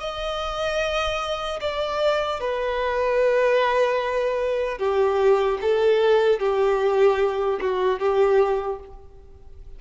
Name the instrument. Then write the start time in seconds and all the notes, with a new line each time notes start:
violin
0.00 D#5
1.61 D5
2.40 B4
4.79 G4
5.61 A4
6.40 G4
7.61 F#4
8.00 G4